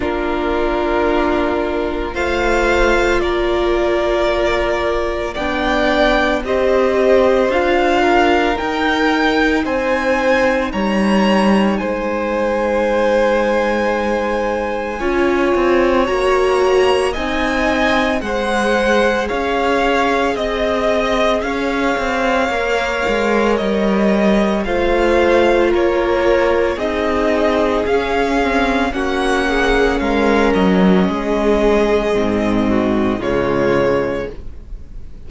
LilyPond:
<<
  \new Staff \with { instrumentName = "violin" } { \time 4/4 \tempo 4 = 56 ais'2 f''4 d''4~ | d''4 g''4 dis''4 f''4 | g''4 gis''4 ais''4 gis''4~ | gis''2. ais''4 |
gis''4 fis''4 f''4 dis''4 | f''2 dis''4 f''4 | cis''4 dis''4 f''4 fis''4 | f''8 dis''2~ dis''8 cis''4 | }
  \new Staff \with { instrumentName = "violin" } { \time 4/4 f'2 c''4 ais'4~ | ais'4 d''4 c''4. ais'8~ | ais'4 c''4 cis''4 c''4~ | c''2 cis''2 |
dis''4 c''4 cis''4 dis''4 | cis''2. c''4 | ais'4 gis'2 fis'8 gis'8 | ais'4 gis'4. fis'8 f'4 | }
  \new Staff \with { instrumentName = "viola" } { \time 4/4 d'2 f'2~ | f'4 d'4 g'4 f'4 | dis'1~ | dis'2 f'4 fis'4 |
dis'4 gis'2.~ | gis'4 ais'2 f'4~ | f'4 dis'4 cis'8 c'8 cis'4~ | cis'2 c'4 gis4 | }
  \new Staff \with { instrumentName = "cello" } { \time 4/4 ais2 a4 ais4~ | ais4 b4 c'4 d'4 | dis'4 c'4 g4 gis4~ | gis2 cis'8 c'8 ais4 |
c'4 gis4 cis'4 c'4 | cis'8 c'8 ais8 gis8 g4 a4 | ais4 c'4 cis'4 ais4 | gis8 fis8 gis4 gis,4 cis4 | }
>>